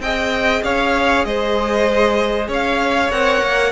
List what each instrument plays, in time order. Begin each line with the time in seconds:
0.00 cello C4, viola G#4, violin D#5 G5
0.64 cello C#4, violin C#5 F5
1.25 cello G#3, violin C5 D#5
2.48 cello C#4, violin C#5 F5
3.11 cello C4, viola A#4, violin F#5
3.42 cello A#3